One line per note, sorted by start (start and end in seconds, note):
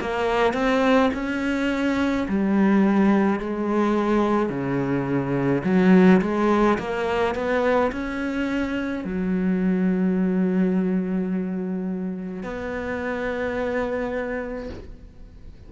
0.00 0.53 A#3
0.53 1.10 C4
1.13 2.26 C#4
2.28 3.39 G3
3.39 4.49 G#3
4.49 5.62 C#3
5.64 6.21 F#3
6.21 6.78 G#3
6.78 7.34 A#3
7.34 7.91 B3
7.91 9.04 C#4
9.04 12.43 F#3
12.43 14.69 B3